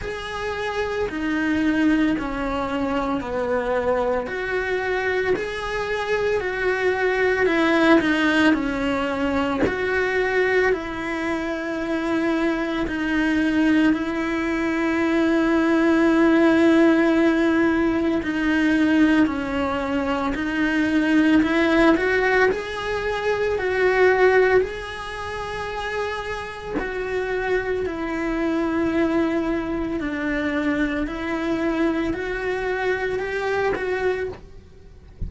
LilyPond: \new Staff \with { instrumentName = "cello" } { \time 4/4 \tempo 4 = 56 gis'4 dis'4 cis'4 b4 | fis'4 gis'4 fis'4 e'8 dis'8 | cis'4 fis'4 e'2 | dis'4 e'2.~ |
e'4 dis'4 cis'4 dis'4 | e'8 fis'8 gis'4 fis'4 gis'4~ | gis'4 fis'4 e'2 | d'4 e'4 fis'4 g'8 fis'8 | }